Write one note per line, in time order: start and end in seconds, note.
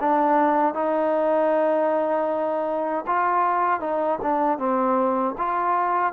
0.00 0.74 D4
0.74 3.05 D#4
3.06 3.80 F4
3.80 4.19 D#4
4.22 4.58 D4
4.58 5.35 C4
5.38 6.13 F4